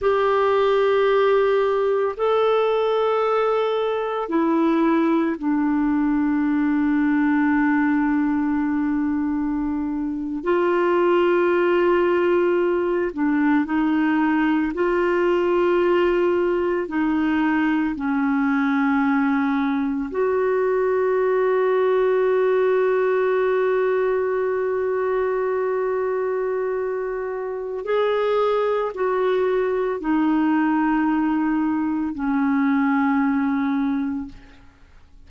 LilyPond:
\new Staff \with { instrumentName = "clarinet" } { \time 4/4 \tempo 4 = 56 g'2 a'2 | e'4 d'2.~ | d'4.~ d'16 f'2~ f'16~ | f'16 d'8 dis'4 f'2 dis'16~ |
dis'8. cis'2 fis'4~ fis'16~ | fis'1~ | fis'2 gis'4 fis'4 | dis'2 cis'2 | }